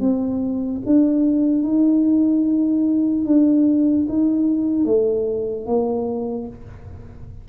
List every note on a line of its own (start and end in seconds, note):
0.00 0.81 C4
0.86 1.63 D4
1.63 3.25 D#4
3.25 4.06 D4
4.08 4.85 D#4
4.85 5.66 A3
5.66 6.47 A#3